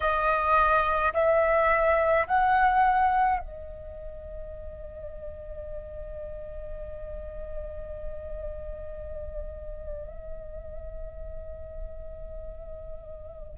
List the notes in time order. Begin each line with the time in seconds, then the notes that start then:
0.00 D#5
1.13 E5
2.26 F#5
3.39 D#5